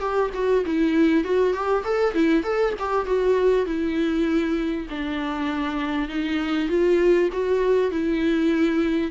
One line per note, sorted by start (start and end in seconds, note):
0.00 0.30 G4
0.34 0.65 F#4
0.66 1.25 E4
1.25 1.54 F#4
1.54 1.84 G4
1.85 2.15 A4
2.15 2.44 E4
2.44 2.74 A4
2.79 3.06 G4
3.06 3.66 F#4
3.66 4.87 E4
4.90 6.09 D4
6.09 6.69 D#4
6.69 7.29 F4
7.33 7.91 F#4
7.91 9.12 E4